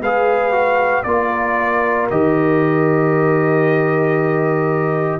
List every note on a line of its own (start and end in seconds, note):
0.00 1.03 G#3
0.00 0.51 G#4
0.00 1.04 B4
0.00 1.03 F5
0.51 1.03 F#4
1.03 2.08 A#3
1.03 2.10 F4
1.03 5.19 A#4
1.03 2.06 D5
2.10 5.19 D#3
2.10 5.19 G4
2.10 5.19 D#5